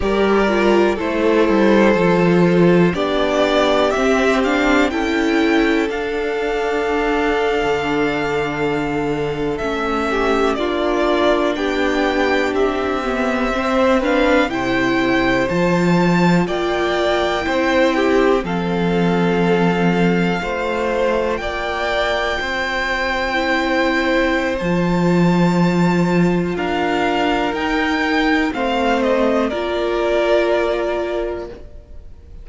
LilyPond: <<
  \new Staff \with { instrumentName = "violin" } { \time 4/4 \tempo 4 = 61 d''4 c''2 d''4 | e''8 f''8 g''4 f''2~ | f''4.~ f''16 e''4 d''4 g''16~ | g''8. e''4. f''8 g''4 a''16~ |
a''8. g''2 f''4~ f''16~ | f''4.~ f''16 g''2~ g''16~ | g''4 a''2 f''4 | g''4 f''8 dis''8 d''2 | }
  \new Staff \with { instrumentName = "violin" } { \time 4/4 ais'4 a'2 g'4~ | g'4 a'2.~ | a'2~ a'16 g'8 f'4 g'16~ | g'4.~ g'16 c''8 b'8 c''4~ c''16~ |
c''8. d''4 c''8 g'8 a'4~ a'16~ | a'8. c''4 d''4 c''4~ c''16~ | c''2. ais'4~ | ais'4 c''4 ais'2 | }
  \new Staff \with { instrumentName = "viola" } { \time 4/4 g'8 f'8 e'4 f'4 d'4 | c'8 d'8 e'4 d'2~ | d'4.~ d'16 cis'4 d'4~ d'16~ | d'4~ d'16 b8 c'8 d'8 e'4 f'16~ |
f'4.~ f'16 e'4 c'4~ c'16~ | c'8. f'2. e'16~ | e'4 f'2. | dis'4 c'4 f'2 | }
  \new Staff \with { instrumentName = "cello" } { \time 4/4 g4 a8 g8 f4 b4 | c'4 cis'4 d'4.~ d'16 d16~ | d4.~ d16 a4 ais4 b16~ | b8. c'2 c4 f16~ |
f8. ais4 c'4 f4~ f16~ | f8. a4 ais4 c'4~ c'16~ | c'4 f2 d'4 | dis'4 a4 ais2 | }
>>